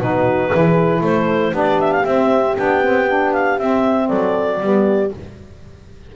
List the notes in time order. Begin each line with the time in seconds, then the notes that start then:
0.00 B2 D#4 F#4 B4
0.51 E3 E4 G#4
1.01 A3 A4 C5
1.52 B3 D4 G4 D5
1.81 E5
1.93 F5
2.05 C4 E5
2.57 B3 D4 G5
2.83 C4
3.08 D4
3.34 F5
3.59 C4 E5
4.09 F#3 A4 D5
4.61 G3 B3 G4